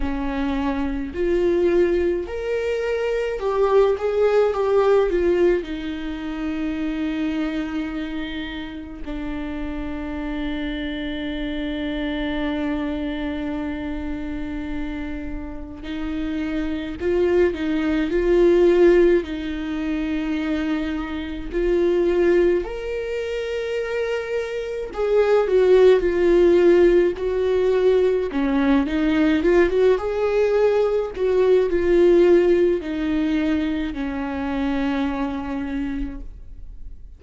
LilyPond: \new Staff \with { instrumentName = "viola" } { \time 4/4 \tempo 4 = 53 cis'4 f'4 ais'4 g'8 gis'8 | g'8 f'8 dis'2. | d'1~ | d'2 dis'4 f'8 dis'8 |
f'4 dis'2 f'4 | ais'2 gis'8 fis'8 f'4 | fis'4 cis'8 dis'8 f'16 fis'16 gis'4 fis'8 | f'4 dis'4 cis'2 | }